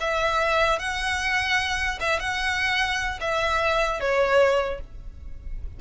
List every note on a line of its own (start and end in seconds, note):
0.00 0.79 E5
0.79 1.99 F#5
2.00 2.19 E5
2.19 3.19 F#5
3.21 4.00 E5
4.00 4.80 C#5